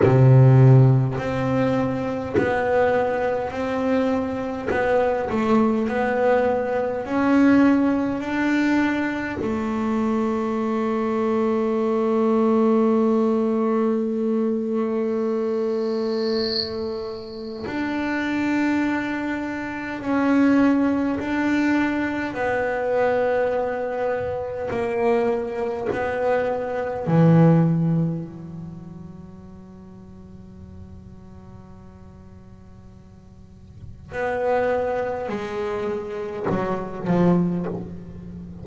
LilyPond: \new Staff \with { instrumentName = "double bass" } { \time 4/4 \tempo 4 = 51 c4 c'4 b4 c'4 | b8 a8 b4 cis'4 d'4 | a1~ | a2. d'4~ |
d'4 cis'4 d'4 b4~ | b4 ais4 b4 e4 | fis1~ | fis4 b4 gis4 fis8 f8 | }